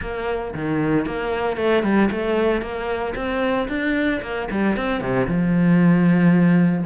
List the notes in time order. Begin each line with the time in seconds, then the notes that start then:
0.01 A#3
0.54 D#3
1.06 A#3
1.56 A3
1.83 G3
2.11 A3
2.61 A#3
3.15 C4
3.68 D4
4.22 A#3
4.50 G3
4.76 C4
5.00 C3
5.27 F3